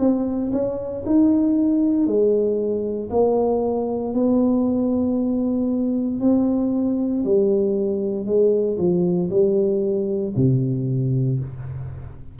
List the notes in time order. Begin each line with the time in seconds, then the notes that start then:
0.00 C4
0.53 C#4
1.06 D#4
2.07 G#3
3.10 A#3
4.14 B3
6.21 C4
7.25 G3
8.26 G#3
8.78 F3
9.30 G3
10.36 C3